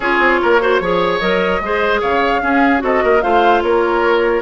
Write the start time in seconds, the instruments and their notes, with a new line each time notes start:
0.00 bassoon C#4, clarinet F4, oboe G#4, flute C#5
0.19 bassoon C4
0.41 bassoon A#3, oboe A#4
0.60 clarinet F#4, oboe C5
0.80 bassoon F3, clarinet G#4, oboe C#5
1.19 bassoon F#3, clarinet A#4, flute D#5
1.60 bassoon G#3, clarinet G#4, oboe C5
2.00 bassoon C#3, oboe C#5, flute F5
2.41 clarinet C#4, bassoon C#4, oboe G#4
2.78 bassoon C4, clarinet F#4, oboe A4, flute D#5
3.03 bassoon A#3, oboe A#4
3.21 bassoon A3, clarinet F4, oboe C5, flute F5
3.61 bassoon A#3, oboe A#4, flute C#5